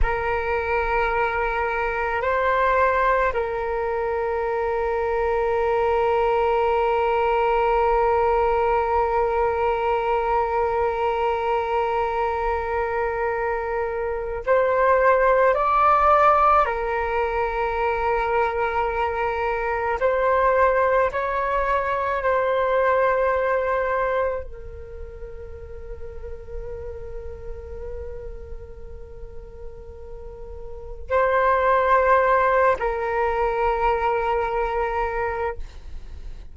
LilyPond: \new Staff \with { instrumentName = "flute" } { \time 4/4 \tempo 4 = 54 ais'2 c''4 ais'4~ | ais'1~ | ais'1~ | ais'4 c''4 d''4 ais'4~ |
ais'2 c''4 cis''4 | c''2 ais'2~ | ais'1 | c''4. ais'2~ ais'8 | }